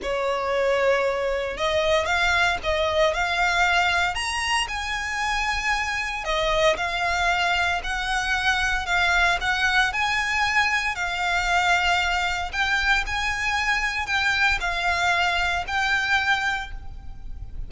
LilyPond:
\new Staff \with { instrumentName = "violin" } { \time 4/4 \tempo 4 = 115 cis''2. dis''4 | f''4 dis''4 f''2 | ais''4 gis''2. | dis''4 f''2 fis''4~ |
fis''4 f''4 fis''4 gis''4~ | gis''4 f''2. | g''4 gis''2 g''4 | f''2 g''2 | }